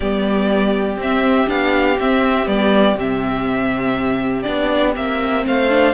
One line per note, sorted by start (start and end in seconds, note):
0.00 0.96 G3
0.00 1.00 B3
0.00 5.45 G4
0.00 0.99 D5
0.96 1.46 C4
0.96 1.49 E5
1.46 1.98 B3
1.46 1.96 D4
1.46 1.98 F5
1.99 2.47 C4
1.99 2.45 C4
1.99 2.47 E5
2.45 2.94 G3
2.45 2.95 B3
2.45 2.97 D5
2.94 4.43 C3
2.94 4.44 C4
2.94 4.42 E5
4.42 4.96 B3
4.42 4.93 D4
4.42 4.92 D5
4.95 5.45 A#3
4.95 5.69 C4
4.95 5.45 E5
5.45 5.93 A3
5.45 5.93 C5
5.45 5.93 F5
5.69 5.93 D4